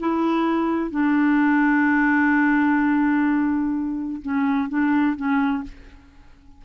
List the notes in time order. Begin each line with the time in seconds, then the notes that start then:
0.00 E4
0.91 D4
4.22 C#4
4.69 D4
5.16 C#4